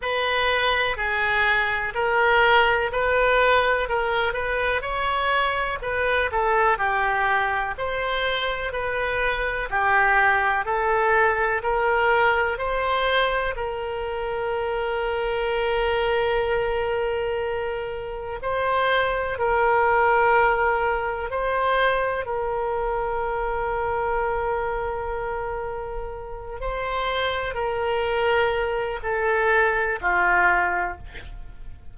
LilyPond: \new Staff \with { instrumentName = "oboe" } { \time 4/4 \tempo 4 = 62 b'4 gis'4 ais'4 b'4 | ais'8 b'8 cis''4 b'8 a'8 g'4 | c''4 b'4 g'4 a'4 | ais'4 c''4 ais'2~ |
ais'2. c''4 | ais'2 c''4 ais'4~ | ais'2.~ ais'8 c''8~ | c''8 ais'4. a'4 f'4 | }